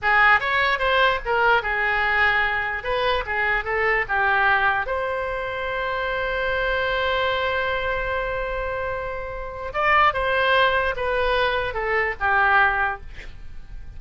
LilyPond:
\new Staff \with { instrumentName = "oboe" } { \time 4/4 \tempo 4 = 148 gis'4 cis''4 c''4 ais'4 | gis'2. b'4 | gis'4 a'4 g'2 | c''1~ |
c''1~ | c''1 | d''4 c''2 b'4~ | b'4 a'4 g'2 | }